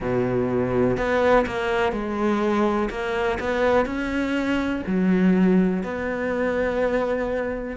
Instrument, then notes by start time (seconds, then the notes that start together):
cello
0.00 B2
0.97 B3
1.46 A#3
1.92 G#3
2.89 A#3
3.39 B3
3.85 C#4
4.86 F#3
5.83 B3